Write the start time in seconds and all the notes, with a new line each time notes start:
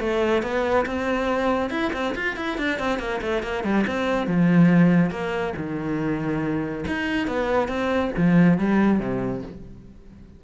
0.00 A3
0.43 B3
0.86 C4
1.70 E4
1.93 C4
2.15 F4
2.36 E4
2.58 D4
2.79 C4
2.99 A#3
3.21 A3
3.43 A#3
3.64 G3
3.87 C4
4.27 F3
5.11 A#3
5.57 D#3
6.87 D#4
7.27 B3
7.68 C4
8.17 F3
8.58 G3
9.00 C3